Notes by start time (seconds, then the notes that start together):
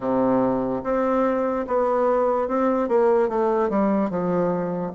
0.00 C3
0.83 C4
1.67 B3
2.48 C4
2.88 A#3
3.28 A3
3.69 G3
4.10 F3